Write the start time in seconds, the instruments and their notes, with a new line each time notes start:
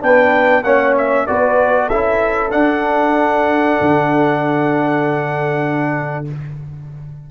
0.00 tuba B3, trombone D4, horn B4, trumpet G5
0.63 tuba A#3, trombone C#4, horn C#5, trumpet F#5
0.97 trumpet E5
1.26 tuba B3, trombone F#4, horn B4, trumpet D5
1.87 tuba C#4, trombone E4, horn A4, trumpet E5
2.49 trombone D4, tuba D4, trumpet F#5
3.80 tuba D3